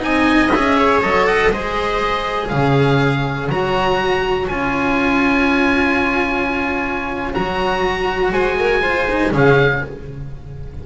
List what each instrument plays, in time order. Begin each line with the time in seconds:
0.00 double bass C4, cello D#4, viola D#5, oboe G#5
0.51 double bass C#4, cello G#4, oboe E5
0.78 viola C#5
1.02 double bass F#3, cello A4, oboe D#5
1.27 viola D#5, oboe F#5
1.52 double bass G#3, cello G#4, viola C5, oboe D#5
2.48 double bass C#3, viola C#5, oboe F5
3.50 double bass F#3, cello F#4, oboe A#5
4.48 double bass C#4, cello F4, oboe G#5
7.34 double bass F#3, cello F#4, oboe A#5
8.33 double bass G#3, viola C5, oboe G#5
8.59 viola A#4
8.82 cello F4, viola C5
9.11 cello D#4
9.32 double bass C#3, cello C#4, viola G#4, oboe F5